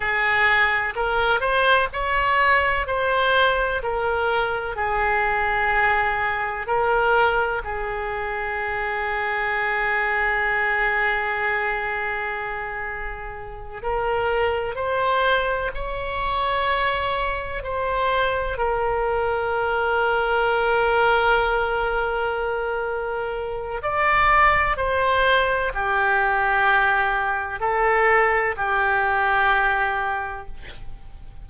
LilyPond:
\new Staff \with { instrumentName = "oboe" } { \time 4/4 \tempo 4 = 63 gis'4 ais'8 c''8 cis''4 c''4 | ais'4 gis'2 ais'4 | gis'1~ | gis'2~ gis'8 ais'4 c''8~ |
c''8 cis''2 c''4 ais'8~ | ais'1~ | ais'4 d''4 c''4 g'4~ | g'4 a'4 g'2 | }